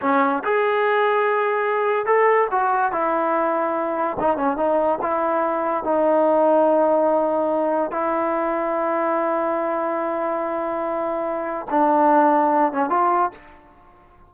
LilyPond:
\new Staff \with { instrumentName = "trombone" } { \time 4/4 \tempo 4 = 144 cis'4 gis'2.~ | gis'4 a'4 fis'4 e'4~ | e'2 dis'8 cis'8 dis'4 | e'2 dis'2~ |
dis'2. e'4~ | e'1~ | e'1 | d'2~ d'8 cis'8 f'4 | }